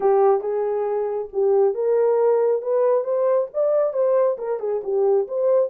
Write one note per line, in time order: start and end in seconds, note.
0.00 0.40 G4
0.40 1.28 G#4
1.33 1.74 G4
1.74 2.62 A#4
2.62 3.04 B4
3.04 3.47 C5
3.53 3.93 D5
3.93 4.37 C5
4.38 4.59 A#4
4.59 4.81 G#4
4.83 5.27 G4
5.27 5.69 C5